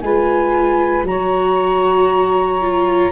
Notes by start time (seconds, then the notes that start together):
0.00 G#3 F4 B4 G#5
1.03 F#3 F#4 C#5 A#5
2.61 F4